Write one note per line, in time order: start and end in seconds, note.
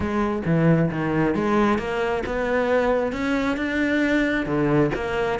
0.00 0.42 G#3
0.45 0.90 E3
0.90 1.35 D#3
1.35 1.78 G#3
1.78 2.23 A#3
2.26 3.12 B3
3.12 3.56 C#4
3.56 4.46 D4
4.46 4.90 D3
4.95 5.39 A#3